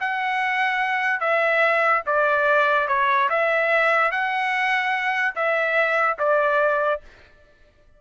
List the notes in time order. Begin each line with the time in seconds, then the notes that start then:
0.00 F#5
1.20 E5
2.06 D5
2.87 C#5
3.29 E5
4.11 F#5
5.35 E5
6.18 D5